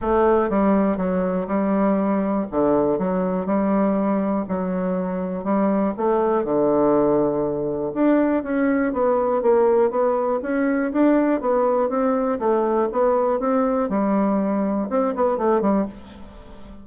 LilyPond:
\new Staff \with { instrumentName = "bassoon" } { \time 4/4 \tempo 4 = 121 a4 g4 fis4 g4~ | g4 d4 fis4 g4~ | g4 fis2 g4 | a4 d2. |
d'4 cis'4 b4 ais4 | b4 cis'4 d'4 b4 | c'4 a4 b4 c'4 | g2 c'8 b8 a8 g8 | }